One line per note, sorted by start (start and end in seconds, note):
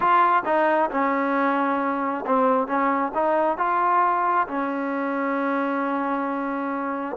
0.00 0.42 F4
0.45 0.90 D#4
0.90 2.24 C#4
2.26 2.67 C4
2.67 3.11 C#4
3.14 3.57 D#4
3.57 4.47 F4
4.47 7.16 C#4